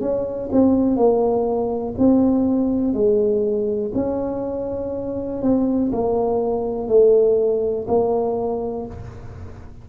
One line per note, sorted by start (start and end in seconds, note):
0.00 0.49 C#4
0.52 0.96 C4
0.96 1.94 A#3
1.98 2.93 C4
2.93 3.92 G#3
3.94 5.41 C#4
5.42 5.91 C4
5.92 6.88 A#3
6.88 7.86 A3
7.87 8.86 A#3